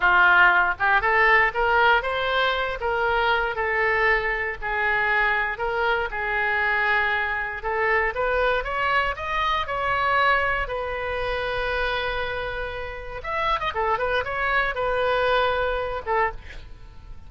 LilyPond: \new Staff \with { instrumentName = "oboe" } { \time 4/4 \tempo 4 = 118 f'4. g'8 a'4 ais'4 | c''4. ais'4. a'4~ | a'4 gis'2 ais'4 | gis'2. a'4 |
b'4 cis''4 dis''4 cis''4~ | cis''4 b'2.~ | b'2 e''8. dis''16 a'8 b'8 | cis''4 b'2~ b'8 a'8 | }